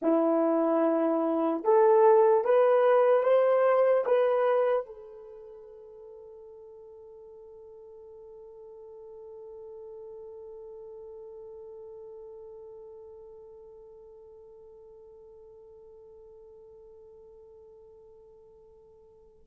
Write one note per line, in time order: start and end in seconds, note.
0.01 1.64 E4
1.64 2.44 A4
2.44 3.23 B4
3.23 4.04 C5
4.05 4.86 B4
4.86 19.45 A4